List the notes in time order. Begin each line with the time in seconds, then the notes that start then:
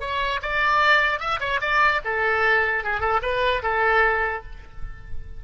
0.00 C#5
0.42 D5
1.20 E5
1.40 C#5
1.61 D5
2.05 A4
2.84 G#4
3.00 A4
3.22 B4
3.62 A4